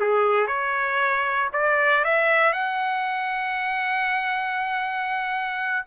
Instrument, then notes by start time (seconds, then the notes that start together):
trumpet
0.00 G#4
0.48 C#5
1.53 D5
2.04 E5
2.53 F#5